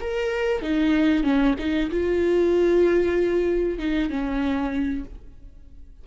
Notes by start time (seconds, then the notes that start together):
0.00 A#4
0.62 D#4
1.23 C#4
1.58 D#4
1.91 F4
3.79 D#4
4.10 C#4